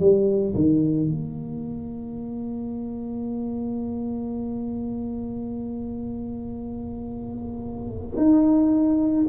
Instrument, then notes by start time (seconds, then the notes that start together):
tuba
0.00 G3
0.55 D#3
1.08 A#3
8.17 D#4